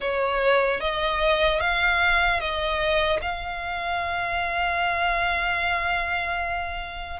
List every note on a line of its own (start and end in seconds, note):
0.00 0.80 C#5
0.80 1.60 D#5
1.60 2.40 F5
2.40 3.20 D#5
3.21 7.20 F5